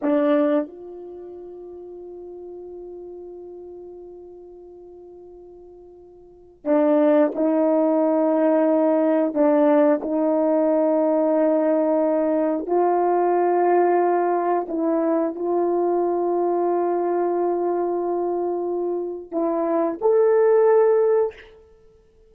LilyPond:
\new Staff \with { instrumentName = "horn" } { \time 4/4 \tempo 4 = 90 d'4 f'2.~ | f'1~ | f'2 d'4 dis'4~ | dis'2 d'4 dis'4~ |
dis'2. f'4~ | f'2 e'4 f'4~ | f'1~ | f'4 e'4 a'2 | }